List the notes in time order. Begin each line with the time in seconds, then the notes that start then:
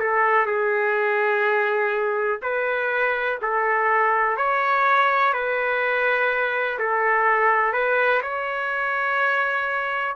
0.00 A4
0.47 G#4
2.43 B4
3.42 A4
4.37 C#5
5.34 B4
6.79 A4
7.73 B4
8.23 C#5